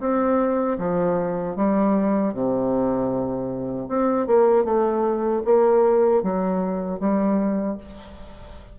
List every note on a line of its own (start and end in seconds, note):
0.00 0.78 C4
0.79 1.57 F3
1.57 2.34 G3
2.34 3.89 C3
3.89 4.27 C4
4.27 4.65 A#3
4.65 5.43 A3
5.45 6.23 A#3
6.23 7.00 F#3
7.00 7.78 G3